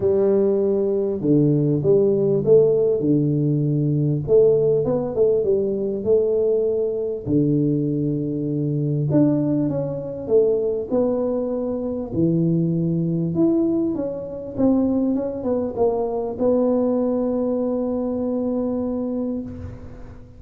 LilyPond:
\new Staff \with { instrumentName = "tuba" } { \time 4/4 \tempo 4 = 99 g2 d4 g4 | a4 d2 a4 | b8 a8 g4 a2 | d2. d'4 |
cis'4 a4 b2 | e2 e'4 cis'4 | c'4 cis'8 b8 ais4 b4~ | b1 | }